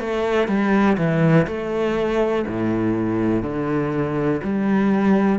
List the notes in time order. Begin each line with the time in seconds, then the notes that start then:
0.00 A3
0.48 G3
0.97 E3
1.47 A3
2.47 A2
3.43 D3
4.44 G3